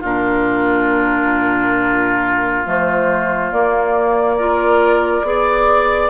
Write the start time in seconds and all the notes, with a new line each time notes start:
0.00 A#2 D4 F4 A#4
2.65 F3 A3 C5
3.51 A#3 D5
4.38 F4 A#4
5.22 B3 G#4 D5